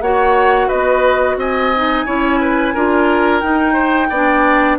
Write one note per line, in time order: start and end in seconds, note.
0.00 0.68 A#3
0.00 1.74 F#4
0.00 0.67 C#5
0.00 0.68 F#5
0.67 1.36 B3
0.67 1.36 B4
0.67 1.37 D#5
1.36 2.04 C4
1.36 2.05 D#5
1.36 3.40 G#5
1.75 2.06 D#4
2.05 2.75 C#4
2.05 2.74 E4
2.05 2.39 C#5
2.40 2.74 B4
2.74 3.42 D4
2.74 3.42 F4
2.74 3.73 A#4
3.40 4.10 D#4
3.40 4.77 G5
3.73 4.07 C5
4.10 4.78 B3
4.10 4.79 D4
4.10 4.78 D5